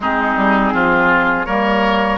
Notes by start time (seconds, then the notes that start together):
0.00 G#3 C4 D#4 G#4
0.36 G3
0.73 F3 F4
1.45 G3 A#3 A#4 C#5